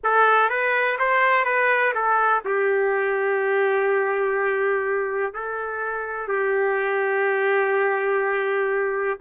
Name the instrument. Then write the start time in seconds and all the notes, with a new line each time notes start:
trumpet
0.03 A4
0.49 B4
0.98 C5
1.45 B4
1.94 A4
2.45 G4
5.33 A4
6.28 G4